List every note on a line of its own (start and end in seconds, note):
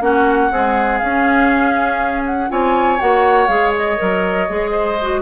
0.00 0.50 A#3
0.00 0.50 C#4
0.00 0.52 F#4
0.00 0.98 F#5
0.51 1.03 G#3
0.51 1.00 C4
0.51 2.50 G#4
0.98 2.50 C#4
0.98 2.49 C#4
0.98 2.22 F5
2.25 2.50 F#5
2.49 2.99 C4
2.49 2.98 F4
2.49 4.71 C#5
2.49 3.00 G#5
2.99 3.48 A#3
2.99 3.48 F#4
2.99 3.47 F#5
3.47 3.97 G#3
3.47 3.97 G#4
3.47 3.72 F5
3.76 5.22 D#5
3.97 4.49 F#3
3.97 4.47 A#4
4.49 5.22 G#3
4.49 4.98 G#4
4.71 5.21 C5
5.01 5.22 F#4